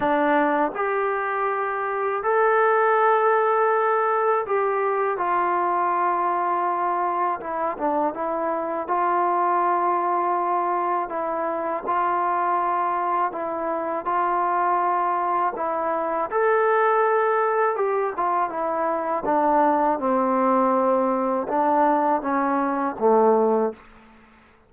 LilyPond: \new Staff \with { instrumentName = "trombone" } { \time 4/4 \tempo 4 = 81 d'4 g'2 a'4~ | a'2 g'4 f'4~ | f'2 e'8 d'8 e'4 | f'2. e'4 |
f'2 e'4 f'4~ | f'4 e'4 a'2 | g'8 f'8 e'4 d'4 c'4~ | c'4 d'4 cis'4 a4 | }